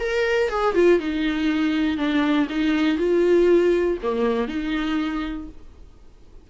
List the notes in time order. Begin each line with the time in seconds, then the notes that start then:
0.00 A#4
0.50 G#4
0.75 F4
1.00 D#4
1.98 D4
2.50 D#4
2.98 F4
4.03 A#3
4.48 D#4